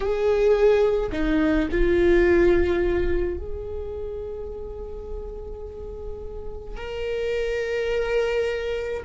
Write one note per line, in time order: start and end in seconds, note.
0.00 1.10 G#4
1.12 1.68 D#4
1.71 3.37 F4
3.37 6.76 G#4
6.76 9.03 A#4